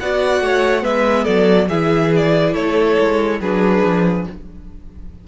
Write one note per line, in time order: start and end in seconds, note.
0.00 0.41 B3
0.00 0.81 F#4
0.00 0.44 D5
0.00 0.84 F#5
0.41 0.83 A3
0.41 0.82 C#5
0.81 1.26 G#3
0.81 1.67 B3
0.81 1.24 B4
0.81 1.24 E5
1.24 1.69 F#3
1.24 1.67 A4
1.24 1.67 D5
1.68 2.54 E3
1.68 3.42 E4
1.68 2.54 G#4
1.68 2.12 E5
2.16 2.54 D5
2.54 2.97 A3
2.54 3.39 A4
2.54 3.40 C#5
2.99 3.40 G#3
3.40 3.83 F#3
3.40 4.28 D4
3.40 4.26 G#4
3.40 4.27 B4
3.84 4.27 F3